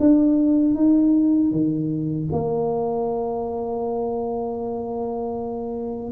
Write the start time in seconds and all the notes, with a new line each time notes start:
0.00 D4
0.75 D#4
1.51 D#3
2.32 A#3